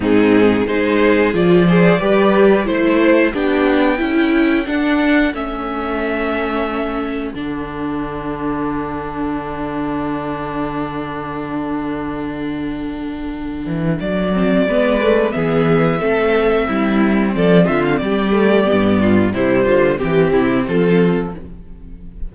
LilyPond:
<<
  \new Staff \with { instrumentName = "violin" } { \time 4/4 \tempo 4 = 90 gis'4 c''4 d''2 | c''4 g''2 fis''4 | e''2. fis''4~ | fis''1~ |
fis''1~ | fis''4 d''2 e''4~ | e''2 d''8 e''16 f''16 d''4~ | d''4 c''4 g'4 a'4 | }
  \new Staff \with { instrumentName = "violin" } { \time 4/4 dis'4 gis'4. c''8 b'4 | c''4 g'4 a'2~ | a'1~ | a'1~ |
a'1~ | a'2 b'4 gis'4 | a'4 e'4 a'8 f'8 g'4~ | g'8 f'8 e'8 f'8 g'8 e'8 f'4 | }
  \new Staff \with { instrumentName = "viola" } { \time 4/4 c'4 dis'4 f'8 gis'8 g'4 | e'4 d'4 e'4 d'4 | cis'2. d'4~ | d'1~ |
d'1~ | d'4. c'8 b8 a8 b4 | c'2.~ c'8 a8 | b4 g4 c'2 | }
  \new Staff \with { instrumentName = "cello" } { \time 4/4 gis,4 gis4 f4 g4 | a4 b4 cis'4 d'4 | a2. d4~ | d1~ |
d1~ | d8 e8 fis4 gis4 e4 | a4 g4 f8 d8 g4 | g,4 c8 d8 e8 c8 f4 | }
>>